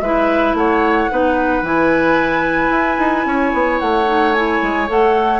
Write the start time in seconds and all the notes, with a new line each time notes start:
0.00 G#3 E4 B4 E5
0.54 A3 C#5 F#5
1.10 B3 D#4 B4
1.62 E3 E4 G#5
2.69 E4
2.99 D#4
3.25 C#4 C#5
3.53 B3
3.79 A3 F#5
4.07 D#4
4.33 E4 G#5
4.62 G#3
4.87 A3 A4 F#5